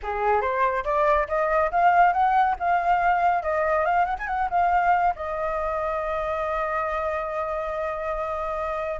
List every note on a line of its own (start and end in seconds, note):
0.02 0.41 G#4
0.41 0.84 C5
0.84 1.27 D5
1.28 1.70 D#5
1.71 2.13 F5
2.13 2.55 F#5
2.59 3.43 F5
3.43 3.85 D#5
3.85 4.05 F5
4.05 4.16 F#5
4.18 4.27 G#5
4.27 4.48 F#5
4.50 5.14 F5
5.15 9.00 D#5